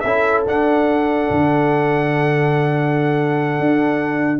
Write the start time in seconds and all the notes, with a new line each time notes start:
0.00 C#4 E4 A4 E5
0.46 D4 F#5
1.31 D3
3.60 D4